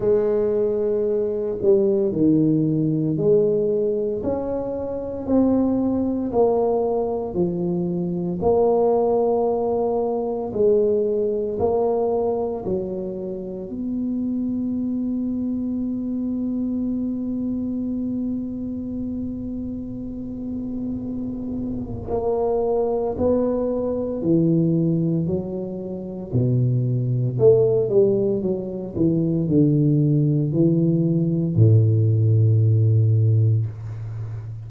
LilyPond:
\new Staff \with { instrumentName = "tuba" } { \time 4/4 \tempo 4 = 57 gis4. g8 dis4 gis4 | cis'4 c'4 ais4 f4 | ais2 gis4 ais4 | fis4 b2.~ |
b1~ | b4 ais4 b4 e4 | fis4 b,4 a8 g8 fis8 e8 | d4 e4 a,2 | }